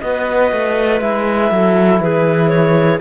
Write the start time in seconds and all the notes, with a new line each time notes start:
0.00 B3 F#4 B4 D#5
0.51 A3
1.00 G#3 E4 E5
1.51 F#3 A4
2.00 E3 G#4 B4
2.49 C#5